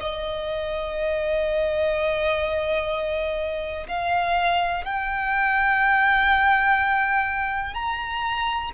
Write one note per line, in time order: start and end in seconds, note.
0.00 3.87 D#5
3.88 4.85 F5
4.85 7.74 G5
7.74 8.71 A#5